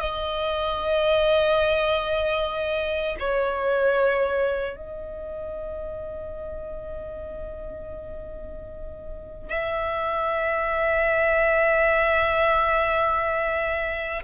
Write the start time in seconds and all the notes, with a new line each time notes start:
0.00 D#5
3.19 C#5
4.76 D#5
9.49 E5